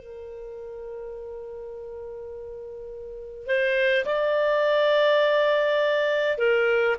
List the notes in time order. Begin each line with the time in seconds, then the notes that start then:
0.00 A#4
3.47 C5
4.06 D5
6.38 A#4